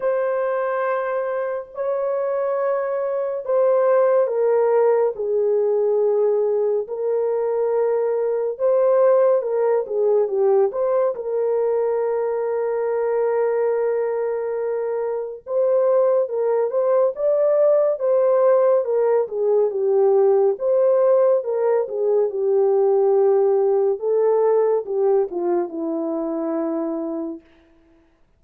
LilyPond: \new Staff \with { instrumentName = "horn" } { \time 4/4 \tempo 4 = 70 c''2 cis''2 | c''4 ais'4 gis'2 | ais'2 c''4 ais'8 gis'8 | g'8 c''8 ais'2.~ |
ais'2 c''4 ais'8 c''8 | d''4 c''4 ais'8 gis'8 g'4 | c''4 ais'8 gis'8 g'2 | a'4 g'8 f'8 e'2 | }